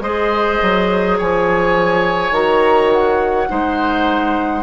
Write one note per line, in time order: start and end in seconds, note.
0.00 0.58 G#3
0.00 2.33 G#4
0.00 1.18 C5
0.00 1.17 D#5
0.62 1.20 F#3
1.18 2.31 F3
1.18 3.48 C#5
1.18 2.33 G#5
2.31 3.46 D#3
2.31 3.48 F#4
2.31 2.91 A#5
2.92 4.62 F#5
3.48 4.62 G#3
3.48 4.62 D#4
3.48 4.62 C5